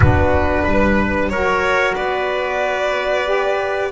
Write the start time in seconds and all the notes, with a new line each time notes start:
0.00 B3 D4 F#4 B4
0.63 G3 B4
1.29 F#3 F#4 A#4 C#5
1.95 B3 B4 D5
3.25 G4